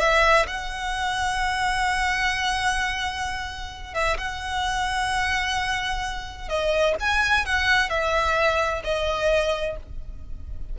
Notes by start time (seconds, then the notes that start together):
0.00 E5
0.48 F#5
3.95 E5
4.18 F#5
6.49 D#5
7.00 G#5
7.46 F#5
7.90 E5
8.84 D#5